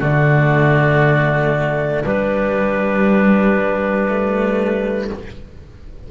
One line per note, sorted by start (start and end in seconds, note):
0.00 2.04 D3
0.00 2.04 A3
0.00 2.03 F#4
0.00 2.06 D5
2.04 4.08 G3
2.04 5.11 G3
2.04 5.09 D4
2.04 5.11 B4
4.09 5.11 A3